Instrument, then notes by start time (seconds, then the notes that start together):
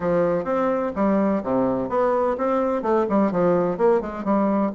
bassoon
0.00 F3
0.44 C4
0.95 G3
1.43 C3
1.89 B3
2.37 C4
2.82 A3
3.09 G3
3.31 F3
3.77 A#3
4.00 G#3
4.24 G3